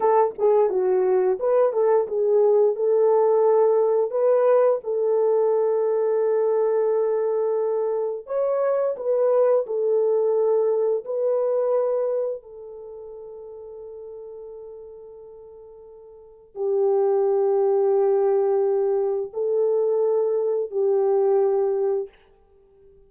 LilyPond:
\new Staff \with { instrumentName = "horn" } { \time 4/4 \tempo 4 = 87 a'8 gis'8 fis'4 b'8 a'8 gis'4 | a'2 b'4 a'4~ | a'1 | cis''4 b'4 a'2 |
b'2 a'2~ | a'1 | g'1 | a'2 g'2 | }